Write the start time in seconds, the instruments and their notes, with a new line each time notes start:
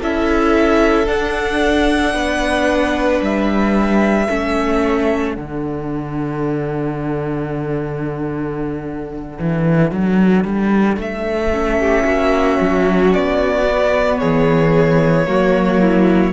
0.00 cello C#4, viola E4, violin A4 E5
1.06 viola D4, cello D4, violin F#5
2.14 cello B3, violin B4
3.21 cello G3, violin E5
4.28 cello A3, viola C#4, violin A4
5.35 cello D3, viola D4, violin F#5
9.40 cello E3
9.92 cello F#3
10.45 cello G3
10.97 cello A3, violin E5
11.52 viola C#4
11.80 violin G4
12.05 cello A#3, violin F#4
12.61 cello F#3
13.14 cello B3, violin D5
13.69 viola B3
14.19 cello E3, violin G#4 C#5
15.26 cello F#3, viola A#3, violin F#4
15.81 violin E4